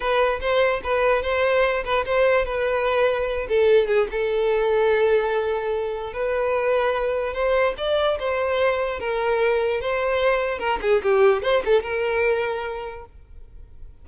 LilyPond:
\new Staff \with { instrumentName = "violin" } { \time 4/4 \tempo 4 = 147 b'4 c''4 b'4 c''4~ | c''8 b'8 c''4 b'2~ | b'8 a'4 gis'8 a'2~ | a'2. b'4~ |
b'2 c''4 d''4 | c''2 ais'2 | c''2 ais'8 gis'8 g'4 | c''8 a'8 ais'2. | }